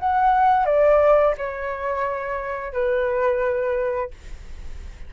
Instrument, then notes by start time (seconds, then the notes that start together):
flute
0.00 F#5
0.66 D5
1.38 C#5
2.73 B4